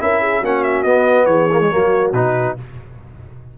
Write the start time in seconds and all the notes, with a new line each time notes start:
0.00 C#4 E4 A#4 E5
0.22 G#4
0.40 A#3 C#4 F#4 F#5
0.64 E5
0.83 B3 D#5
1.26 E3 G#4 C#5
1.52 A#3
1.61 G#3
1.71 F#3 A#3 F#4
2.13 B2 D#4 B4